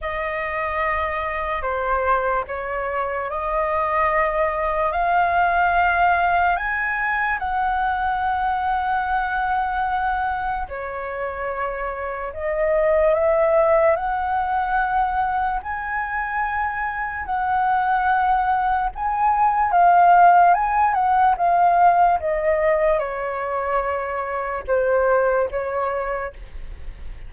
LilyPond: \new Staff \with { instrumentName = "flute" } { \time 4/4 \tempo 4 = 73 dis''2 c''4 cis''4 | dis''2 f''2 | gis''4 fis''2.~ | fis''4 cis''2 dis''4 |
e''4 fis''2 gis''4~ | gis''4 fis''2 gis''4 | f''4 gis''8 fis''8 f''4 dis''4 | cis''2 c''4 cis''4 | }